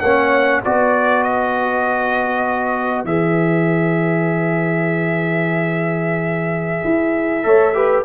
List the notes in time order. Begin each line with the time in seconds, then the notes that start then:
0.00 A#3 C#4 C#5 F#5
0.63 B3 F#4 B4 D5
1.23 D#5
3.04 E3 G#4 E5
6.84 E4
7.42 A3 A4 C#5
7.74 G4 B4